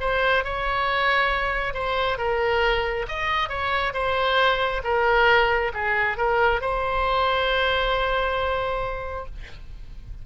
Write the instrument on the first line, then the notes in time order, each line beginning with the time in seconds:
oboe
0.00 C5
0.44 C#5
1.74 C5
2.18 A#4
3.08 D#5
3.49 C#5
3.93 C5
4.84 A#4
5.74 G#4
6.18 A#4
6.61 C5